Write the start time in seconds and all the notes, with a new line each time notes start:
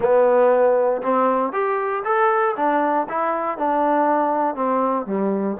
0.00 B3
1.02 C4
1.52 G4
2.04 A4
2.56 D4
3.09 E4
3.58 D4
4.55 C4
5.05 G3